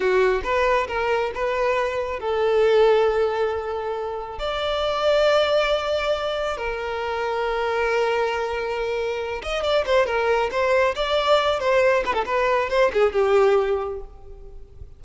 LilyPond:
\new Staff \with { instrumentName = "violin" } { \time 4/4 \tempo 4 = 137 fis'4 b'4 ais'4 b'4~ | b'4 a'2.~ | a'2 d''2~ | d''2. ais'4~ |
ais'1~ | ais'4. dis''8 d''8 c''8 ais'4 | c''4 d''4. c''4 b'16 a'16 | b'4 c''8 gis'8 g'2 | }